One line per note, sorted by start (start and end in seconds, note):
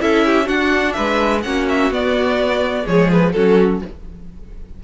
0.00 0.49 C#4
0.00 0.44 E4
0.00 0.25 A4
0.00 0.48 E5
0.25 0.46 G4
0.44 1.39 D4
0.44 0.96 D4
0.44 0.93 F#4
0.44 0.92 F#5
0.92 1.45 G#3
0.92 1.43 B4
0.92 1.39 E5
1.42 1.90 A#3
1.42 1.91 C#4
1.42 2.85 F#4
1.42 1.66 F#5
1.68 1.92 E5
1.90 2.85 B3
1.90 2.83 B3
1.90 2.87 D5
2.83 3.34 F3
2.83 3.30 G#3
2.83 3.32 G#4
2.83 3.10 C#5
3.12 3.32 B4
3.32 3.81 F#3
3.32 3.83 C#4
3.32 3.83 F#4
3.32 3.79 A4